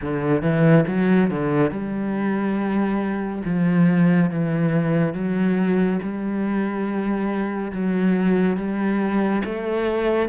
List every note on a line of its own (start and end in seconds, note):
0.01 0.42 D3
0.42 0.85 E3
0.87 1.30 F#3
1.30 1.70 D3
1.70 3.42 G3
3.44 4.30 F3
4.30 5.14 E3
5.14 5.99 F#3
6.02 7.71 G3
7.71 8.56 F#3
8.56 9.42 G3
9.44 10.29 A3